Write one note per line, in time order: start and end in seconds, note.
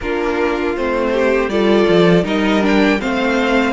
0.00 0.76 A#3
0.00 0.77 D4
0.00 1.12 F4
0.00 0.75 A#4
0.76 1.48 A3
0.76 1.50 C4
0.76 1.49 C5
1.12 1.50 G4
1.48 1.85 G3
1.48 2.23 F4
1.48 2.24 A4
1.48 2.24 D5
1.88 2.24 F3
2.23 2.99 G3
2.23 2.61 D#4
2.23 2.99 A#4
2.23 2.64 D#5
2.61 2.98 D4
2.61 3.00 G5
3.00 3.72 A3
3.00 3.72 C4
3.00 3.72 C5
3.00 3.72 F5